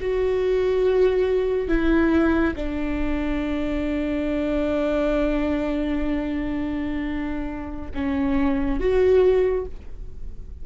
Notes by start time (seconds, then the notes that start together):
0.00 F#4
1.68 E4
2.56 D4
7.94 C#4
8.79 F#4